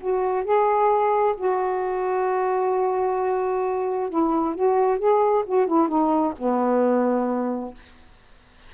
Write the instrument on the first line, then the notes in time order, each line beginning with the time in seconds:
saxophone
0.00 F#4
0.44 G#4
1.37 F#4
4.09 E4
4.55 F#4
4.98 G#4
5.46 F#4
5.67 E4
5.88 D#4
6.37 B3